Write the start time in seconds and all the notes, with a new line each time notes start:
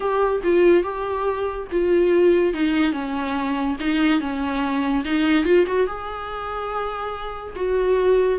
0.00 G4
0.43 F4
0.83 G4
1.71 F4
2.53 D#4
2.92 C#4
3.80 D#4
4.20 C#4
5.05 D#4
5.45 F4
5.66 F#4
5.86 G#4
7.55 F#4